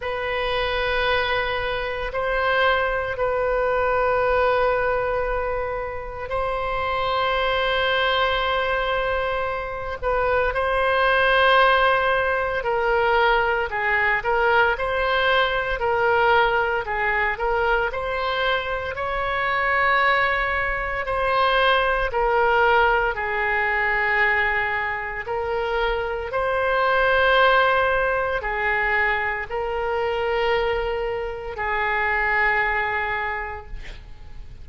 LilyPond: \new Staff \with { instrumentName = "oboe" } { \time 4/4 \tempo 4 = 57 b'2 c''4 b'4~ | b'2 c''2~ | c''4. b'8 c''2 | ais'4 gis'8 ais'8 c''4 ais'4 |
gis'8 ais'8 c''4 cis''2 | c''4 ais'4 gis'2 | ais'4 c''2 gis'4 | ais'2 gis'2 | }